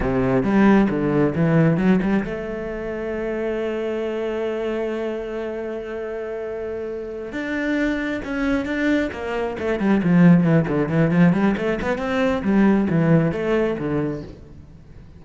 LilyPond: \new Staff \with { instrumentName = "cello" } { \time 4/4 \tempo 4 = 135 c4 g4 d4 e4 | fis8 g8 a2.~ | a1~ | a1~ |
a8 d'2 cis'4 d'8~ | d'8 ais4 a8 g8 f4 e8 | d8 e8 f8 g8 a8 b8 c'4 | g4 e4 a4 d4 | }